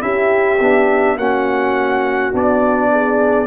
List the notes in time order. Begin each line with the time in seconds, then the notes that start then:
0.00 C#4 E4 G4 E5
0.60 B3 D4
1.16 A#3 C#4 F#4 F#5
2.32 B3 D4 D5
2.92 G#4